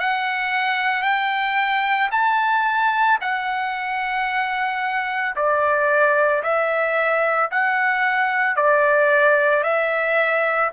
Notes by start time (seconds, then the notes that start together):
0.00 F#5
1.03 G5
2.12 A5
3.21 F#5
5.36 D5
6.43 E5
7.51 F#5
8.57 D5
9.64 E5